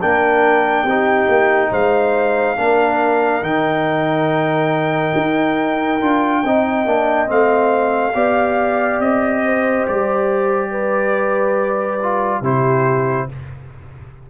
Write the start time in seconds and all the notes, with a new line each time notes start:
0.00 A#3 D4 A#4 G5
0.83 C4 D#4 G4
1.28 A#3
1.71 G#3 C5 F5
2.57 A#3 D4 A#4
3.41 D#3 D#4 G5
5.16 D#4
6.01 D4 F4
6.44 C4 D#4 D#5
6.86 A#3 D4
7.27 A3 C4 F5
8.13 B3 G4 D5
8.99 C4 D#5
9.45 C5
9.87 G3 D5
10.71 B4
12.02 F4
12.41 C3 E4 G4 C5